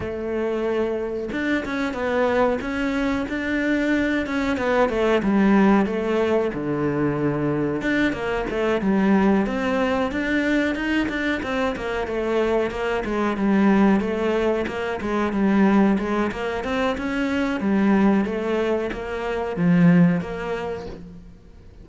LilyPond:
\new Staff \with { instrumentName = "cello" } { \time 4/4 \tempo 4 = 92 a2 d'8 cis'8 b4 | cis'4 d'4. cis'8 b8 a8 | g4 a4 d2 | d'8 ais8 a8 g4 c'4 d'8~ |
d'8 dis'8 d'8 c'8 ais8 a4 ais8 | gis8 g4 a4 ais8 gis8 g8~ | g8 gis8 ais8 c'8 cis'4 g4 | a4 ais4 f4 ais4 | }